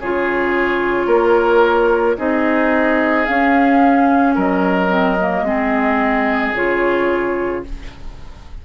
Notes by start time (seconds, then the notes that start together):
0.00 C#3 F4 G#4 C#5
1.07 A#3 A#4
2.17 C4 D#4 G#4 D#5
3.25 C#4 F5
4.35 F#3 A#4 D#5
4.89 C4
5.20 A#3
5.42 G#3 C4 G#4
6.54 C#3 F4 C#5